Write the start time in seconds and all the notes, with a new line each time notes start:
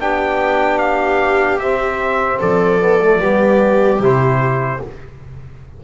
0.00 B3 D4 G4 G5
0.79 F5
1.60 C4 E5
2.40 F3 A4 D5
2.80 B3
3.02 A3
3.20 G3 B3 G4
4.00 C3 E4 C5